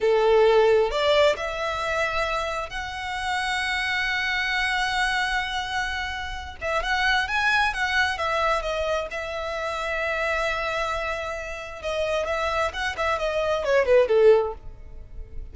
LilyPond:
\new Staff \with { instrumentName = "violin" } { \time 4/4 \tempo 4 = 132 a'2 d''4 e''4~ | e''2 fis''2~ | fis''1~ | fis''2~ fis''8 e''8 fis''4 |
gis''4 fis''4 e''4 dis''4 | e''1~ | e''2 dis''4 e''4 | fis''8 e''8 dis''4 cis''8 b'8 a'4 | }